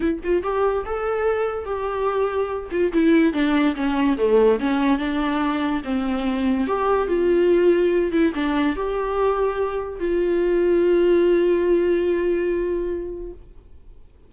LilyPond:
\new Staff \with { instrumentName = "viola" } { \time 4/4 \tempo 4 = 144 e'8 f'8 g'4 a'2 | g'2~ g'8 f'8 e'4 | d'4 cis'4 a4 cis'4 | d'2 c'2 |
g'4 f'2~ f'8 e'8 | d'4 g'2. | f'1~ | f'1 | }